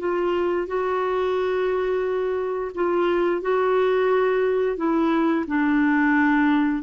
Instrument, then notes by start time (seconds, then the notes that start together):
clarinet
0.00 F4
0.68 F#4
2.75 F4
3.42 F#4
4.77 E4
5.48 D4